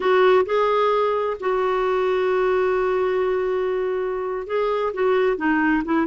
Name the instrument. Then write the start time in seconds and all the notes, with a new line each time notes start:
clarinet
0.00 F#4
0.45 G#4
1.40 F#4
4.47 G#4
4.93 F#4
5.37 D#4
5.84 E4